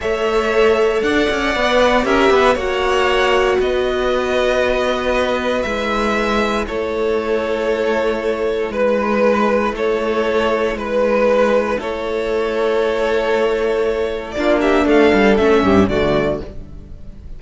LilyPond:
<<
  \new Staff \with { instrumentName = "violin" } { \time 4/4 \tempo 4 = 117 e''2 fis''2 | e''4 fis''2 dis''4~ | dis''2. e''4~ | e''4 cis''2.~ |
cis''4 b'2 cis''4~ | cis''4 b'2 cis''4~ | cis''1 | d''8 e''8 f''4 e''4 d''4 | }
  \new Staff \with { instrumentName = "violin" } { \time 4/4 cis''2 d''2 | ais'8 b'8 cis''2 b'4~ | b'1~ | b'4 a'2.~ |
a'4 b'2 a'4~ | a'4 b'2 a'4~ | a'1 | f'8 g'8 a'4. g'8 fis'4 | }
  \new Staff \with { instrumentName = "viola" } { \time 4/4 a'2. b'4 | g'4 fis'2.~ | fis'2. e'4~ | e'1~ |
e'1~ | e'1~ | e'1 | d'2 cis'4 a4 | }
  \new Staff \with { instrumentName = "cello" } { \time 4/4 a2 d'8 cis'8 b4 | cis'8 b8 ais2 b4~ | b2. gis4~ | gis4 a2.~ |
a4 gis2 a4~ | a4 gis2 a4~ | a1 | ais4 a8 g8 a8 g,8 d4 | }
>>